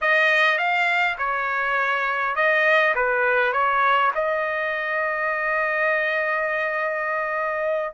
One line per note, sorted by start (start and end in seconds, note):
0.01 0.57 D#5
0.57 1.16 F5
1.18 2.35 C#5
2.35 2.94 D#5
2.95 3.52 B4
3.52 4.11 C#5
4.15 7.94 D#5